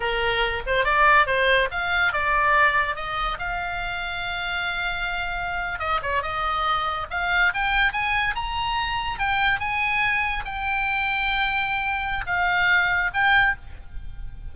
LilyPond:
\new Staff \with { instrumentName = "oboe" } { \time 4/4 \tempo 4 = 142 ais'4. c''8 d''4 c''4 | f''4 d''2 dis''4 | f''1~ | f''4.~ f''16 dis''8 cis''8 dis''4~ dis''16~ |
dis''8. f''4 g''4 gis''4 ais''16~ | ais''4.~ ais''16 g''4 gis''4~ gis''16~ | gis''8. g''2.~ g''16~ | g''4 f''2 g''4 | }